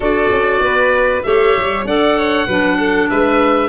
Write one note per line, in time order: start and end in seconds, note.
0.00 0.30 D4
0.00 1.23 F#4
0.00 0.62 A4
0.00 1.22 D5
0.30 0.59 C#4
0.59 1.21 B3
0.59 1.25 B4
1.22 1.56 A3
1.22 1.85 G4
1.22 1.87 C#5
1.22 1.84 E5
1.56 1.84 G3
1.84 2.46 D4
1.84 2.48 A4
1.84 2.17 D5
1.84 3.09 F#5
2.17 2.46 C#5
2.46 3.09 F#3
2.46 3.69 D4
2.46 2.77 B4
2.78 3.09 A4
3.09 3.69 G#3
3.09 3.69 B4
3.09 3.69 E5